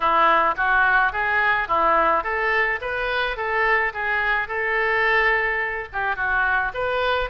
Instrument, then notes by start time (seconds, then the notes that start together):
oboe
0.00 E4
0.56 F#4
1.12 G#4
1.68 E4
2.23 A4
2.81 B4
3.36 A4
3.93 G#4
4.48 A4
5.92 G4
6.16 F#4
6.74 B4